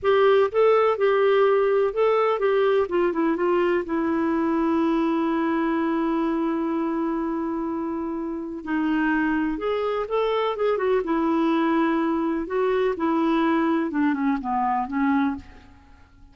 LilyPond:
\new Staff \with { instrumentName = "clarinet" } { \time 4/4 \tempo 4 = 125 g'4 a'4 g'2 | a'4 g'4 f'8 e'8 f'4 | e'1~ | e'1~ |
e'2 dis'2 | gis'4 a'4 gis'8 fis'8 e'4~ | e'2 fis'4 e'4~ | e'4 d'8 cis'8 b4 cis'4 | }